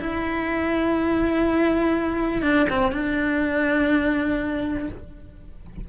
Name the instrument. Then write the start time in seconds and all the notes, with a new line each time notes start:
cello
0.00 E4
2.42 D4
2.70 C4
2.92 D4